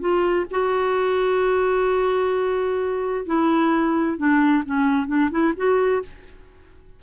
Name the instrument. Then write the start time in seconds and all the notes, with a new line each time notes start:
clarinet
0.00 F4
0.51 F#4
3.26 E4
4.18 D4
4.65 C#4
5.07 D4
5.31 E4
5.56 F#4